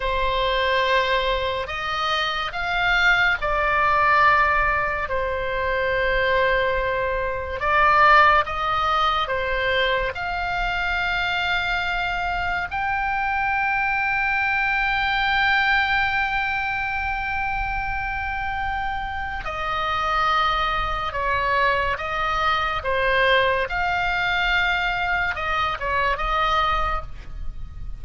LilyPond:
\new Staff \with { instrumentName = "oboe" } { \time 4/4 \tempo 4 = 71 c''2 dis''4 f''4 | d''2 c''2~ | c''4 d''4 dis''4 c''4 | f''2. g''4~ |
g''1~ | g''2. dis''4~ | dis''4 cis''4 dis''4 c''4 | f''2 dis''8 cis''8 dis''4 | }